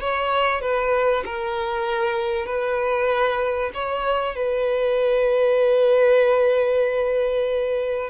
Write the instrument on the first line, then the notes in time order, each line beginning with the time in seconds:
violin
0.00 C#5
0.61 B4
1.25 A#4
2.46 B4
3.74 C#5
4.36 B4